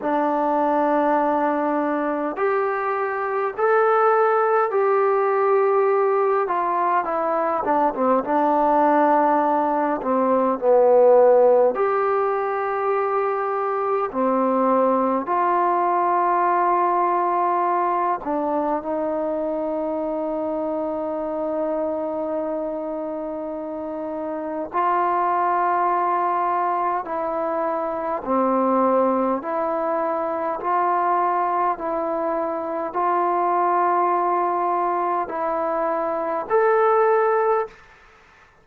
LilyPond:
\new Staff \with { instrumentName = "trombone" } { \time 4/4 \tempo 4 = 51 d'2 g'4 a'4 | g'4. f'8 e'8 d'16 c'16 d'4~ | d'8 c'8 b4 g'2 | c'4 f'2~ f'8 d'8 |
dis'1~ | dis'4 f'2 e'4 | c'4 e'4 f'4 e'4 | f'2 e'4 a'4 | }